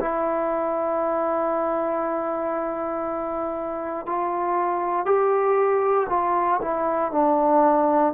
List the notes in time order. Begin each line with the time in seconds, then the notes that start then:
0.00 E4
4.06 F4
5.06 G4
6.10 F4
6.61 E4
7.12 D4